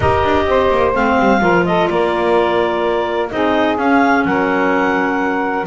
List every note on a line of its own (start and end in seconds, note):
0.00 0.23 D#4
0.00 0.94 G4
0.00 0.44 A#4
0.00 0.92 D#5
0.23 0.45 D4
0.45 0.69 C4
0.45 1.41 C5
0.70 0.94 A#3
0.94 1.18 A3
0.94 1.40 C4
0.94 1.65 F5
1.19 1.41 G3
1.40 1.88 F3
1.40 3.29 F4
1.40 1.64 A#4
1.65 1.89 A4
1.65 1.87 D#5
1.87 3.31 A#3
1.87 3.31 A#4
1.87 3.29 D5
3.29 3.77 C4
3.29 3.77 D#4
3.29 4.26 G#4
3.29 3.77 D#5
3.77 4.24 C#4
3.77 5.66 C#4
3.77 4.25 F5
4.25 5.67 F#3
4.25 5.67 A#4
4.25 5.66 F#5